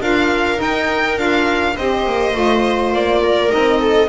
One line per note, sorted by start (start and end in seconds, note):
0.00 0.58 D4
0.00 0.56 F4
0.00 1.75 A#4
0.00 0.60 F5
0.56 1.14 D#4
0.56 1.18 D#4
0.56 1.18 G5
1.16 1.76 D4
1.16 1.74 F4
1.16 1.76 F5
1.75 2.06 C4
1.75 2.33 G4
1.75 3.21 C5
1.75 2.93 D#5
2.06 2.34 A#3
2.33 2.92 A3
2.33 3.49 F4
2.92 3.51 A#3
2.92 3.51 D5
3.22 3.80 A#4
3.49 4.09 C4
3.49 4.07 D#4
3.49 4.09 D#5
3.80 4.09 A4